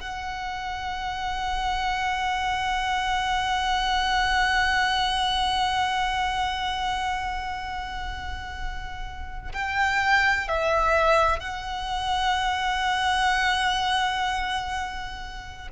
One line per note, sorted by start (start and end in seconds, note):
0.00 9.52 F#5
9.52 10.48 G5
10.48 11.39 E5
11.39 15.68 F#5